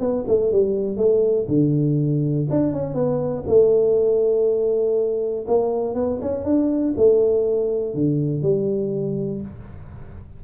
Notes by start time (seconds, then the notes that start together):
0.00 B3
0.28 A3
0.52 G3
0.97 A3
1.49 D3
2.50 D4
2.73 C#4
2.94 B3
3.48 A3
5.48 A#3
5.95 B3
6.21 C#4
6.45 D4
6.97 A3
7.94 D3
8.43 G3